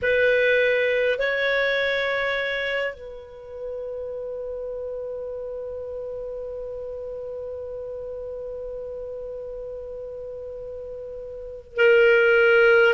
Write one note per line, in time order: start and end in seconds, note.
0.02 1.18 B4
1.18 2.94 C#5
2.94 11.76 B4
11.76 12.94 A#4